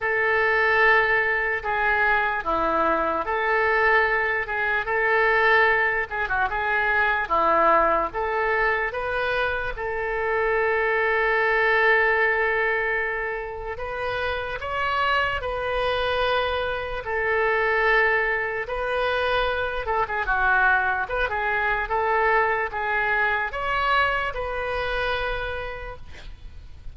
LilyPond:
\new Staff \with { instrumentName = "oboe" } { \time 4/4 \tempo 4 = 74 a'2 gis'4 e'4 | a'4. gis'8 a'4. gis'16 fis'16 | gis'4 e'4 a'4 b'4 | a'1~ |
a'4 b'4 cis''4 b'4~ | b'4 a'2 b'4~ | b'8 a'16 gis'16 fis'4 b'16 gis'8. a'4 | gis'4 cis''4 b'2 | }